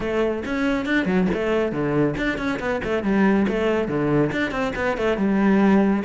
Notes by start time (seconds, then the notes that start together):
0.00 A3
0.45 C#4
0.85 D4
1.05 F#3
1.33 A3
1.72 D3
2.17 D4
2.37 C#4
2.59 B3
2.84 A3
3.03 G3
3.48 A3
3.88 D3
4.31 D4
4.51 C4
4.75 B3
4.97 A3
5.17 G3